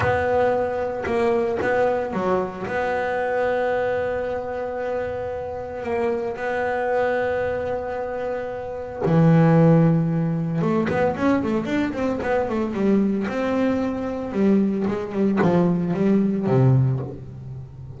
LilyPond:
\new Staff \with { instrumentName = "double bass" } { \time 4/4 \tempo 4 = 113 b2 ais4 b4 | fis4 b2.~ | b2. ais4 | b1~ |
b4 e2. | a8 b8 cis'8 a8 d'8 c'8 b8 a8 | g4 c'2 g4 | gis8 g8 f4 g4 c4 | }